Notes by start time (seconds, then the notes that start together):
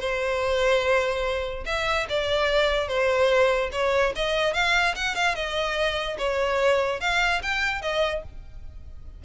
0.00 C5
1.66 E5
2.09 D5
2.88 C5
3.72 C#5
4.16 D#5
4.54 F5
4.95 F#5
5.15 F5
5.35 D#5
6.18 C#5
7.00 F5
7.43 G5
7.82 D#5